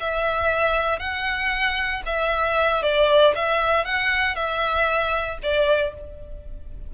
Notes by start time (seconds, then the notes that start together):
0.00 E5
0.99 F#5
2.06 E5
2.83 D5
3.35 E5
3.85 F#5
4.36 E5
5.43 D5